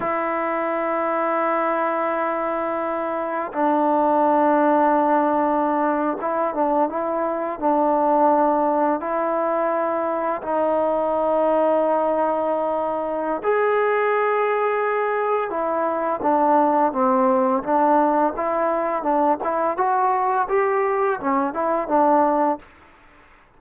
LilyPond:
\new Staff \with { instrumentName = "trombone" } { \time 4/4 \tempo 4 = 85 e'1~ | e'4 d'2.~ | d'8. e'8 d'8 e'4 d'4~ d'16~ | d'8. e'2 dis'4~ dis'16~ |
dis'2. gis'4~ | gis'2 e'4 d'4 | c'4 d'4 e'4 d'8 e'8 | fis'4 g'4 cis'8 e'8 d'4 | }